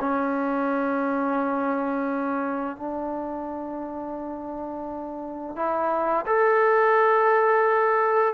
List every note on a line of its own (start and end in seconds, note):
0.00 2.77 C#4
2.77 5.56 D4
5.56 6.26 E4
6.26 8.34 A4